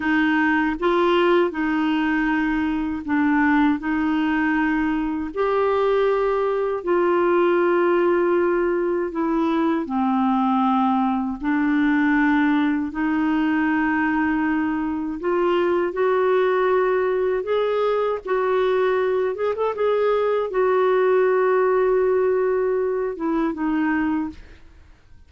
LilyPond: \new Staff \with { instrumentName = "clarinet" } { \time 4/4 \tempo 4 = 79 dis'4 f'4 dis'2 | d'4 dis'2 g'4~ | g'4 f'2. | e'4 c'2 d'4~ |
d'4 dis'2. | f'4 fis'2 gis'4 | fis'4. gis'16 a'16 gis'4 fis'4~ | fis'2~ fis'8 e'8 dis'4 | }